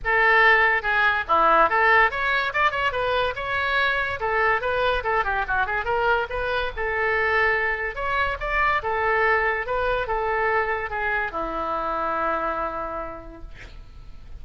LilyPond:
\new Staff \with { instrumentName = "oboe" } { \time 4/4 \tempo 4 = 143 a'2 gis'4 e'4 | a'4 cis''4 d''8 cis''8 b'4 | cis''2 a'4 b'4 | a'8 g'8 fis'8 gis'8 ais'4 b'4 |
a'2. cis''4 | d''4 a'2 b'4 | a'2 gis'4 e'4~ | e'1 | }